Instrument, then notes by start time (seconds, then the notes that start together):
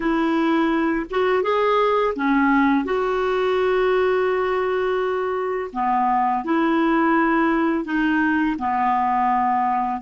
clarinet
0.00 E4
1.10 F#4
1.42 G#4
2.15 C#4
2.84 F#4
5.72 B3
6.44 E4
7.84 D#4
8.58 B3